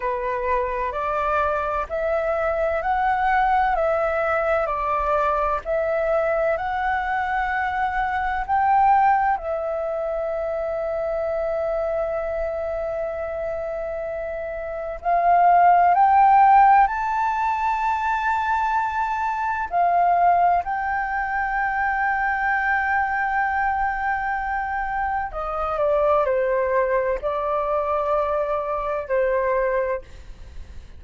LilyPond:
\new Staff \with { instrumentName = "flute" } { \time 4/4 \tempo 4 = 64 b'4 d''4 e''4 fis''4 | e''4 d''4 e''4 fis''4~ | fis''4 g''4 e''2~ | e''1 |
f''4 g''4 a''2~ | a''4 f''4 g''2~ | g''2. dis''8 d''8 | c''4 d''2 c''4 | }